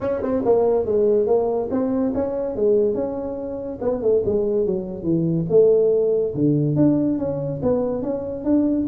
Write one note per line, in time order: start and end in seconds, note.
0.01 0.22 C#4
0.22 0.43 C4
0.45 0.85 A#3
0.85 1.26 G#3
1.26 1.68 A#3
1.70 2.12 C4
2.14 2.55 C#4
2.55 2.94 G#3
2.94 3.79 C#4
3.81 4.01 B3
4.01 4.23 A3
4.25 4.66 G#3
4.66 5.03 F#3
5.03 5.45 E3
5.49 6.34 A3
6.34 6.76 D3
6.76 7.18 D4
7.18 7.60 C#4
7.62 8.02 B3
8.02 8.44 C#4
8.44 8.86 D4